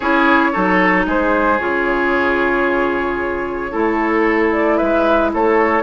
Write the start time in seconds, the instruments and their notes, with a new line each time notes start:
0.00 bassoon C#4, clarinet E4, oboe G#4, flute C#5
0.52 bassoon F#3, clarinet D#4, oboe A4
1.06 bassoon G#3, oboe G#4, flute C5
1.59 bassoon C#3, clarinet F4, flute C#5
3.71 bassoon A3, clarinet E4, oboe A4
4.51 flute D5
4.77 bassoon G#3, oboe B4, flute E5
5.33 bassoon A3, oboe A4, flute C#5